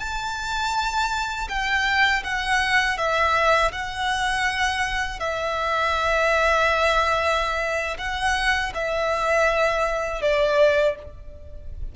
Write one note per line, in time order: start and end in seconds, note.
0.00 1.48 A5
1.49 2.23 G5
2.24 2.98 F#5
2.98 3.72 E5
3.72 5.20 F#5
5.20 7.98 E5
7.98 8.72 F#5
8.74 10.22 E5
10.22 10.96 D5